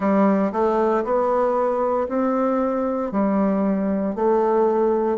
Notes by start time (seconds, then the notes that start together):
0.00 G3
0.52 A3
1.04 B3
2.08 C4
3.11 G3
4.15 A3